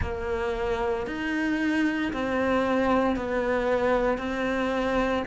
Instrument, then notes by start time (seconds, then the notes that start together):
cello
0.01 A#3
1.07 D#4
2.12 C4
3.16 B3
4.18 C4